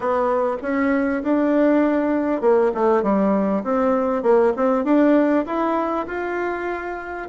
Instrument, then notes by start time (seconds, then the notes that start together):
bassoon
0.00 B3
0.62 C#4
1.23 D4
2.41 A#3
2.74 A3
3.02 G3
3.63 C4
4.22 A#3
4.56 C4
4.84 D4
5.45 E4
6.07 F4